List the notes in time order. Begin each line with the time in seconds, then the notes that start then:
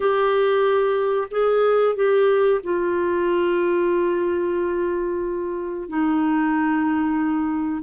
0.00 G4
1.30 G#4
1.95 G4
2.63 F4
5.88 D#4